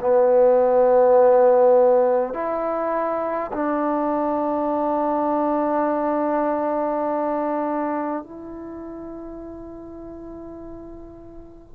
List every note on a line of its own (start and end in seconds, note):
0.00 2.33 B3
2.33 3.51 E4
3.52 8.22 D4
8.22 11.75 E4